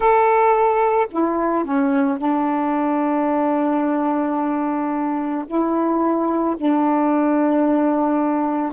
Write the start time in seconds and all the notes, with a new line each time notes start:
0.00 A4
1.11 E4
1.64 C#4
2.18 D4
5.46 E4
6.57 D4